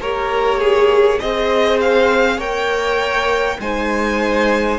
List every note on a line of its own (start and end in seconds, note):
0.00 1.20 A#3
0.00 1.21 G4
0.00 0.60 A#4
0.00 1.21 C#5
0.60 1.20 G#4
1.20 2.38 C4
1.20 2.40 G#4
1.20 2.38 C5
1.20 1.80 D#5
1.80 2.40 F5
2.38 3.58 A#3
2.38 3.60 A#4
2.38 3.58 C#5
2.38 3.60 G5
3.60 4.79 G#3
3.60 4.79 D#4
3.60 4.79 C5
3.60 4.79 G#5